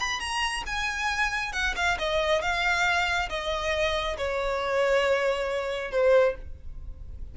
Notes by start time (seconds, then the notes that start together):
0.00 B5
0.20 A#5
0.67 G#5
1.53 F#5
1.76 F5
1.99 D#5
2.42 F5
3.30 D#5
4.18 C#5
5.92 C5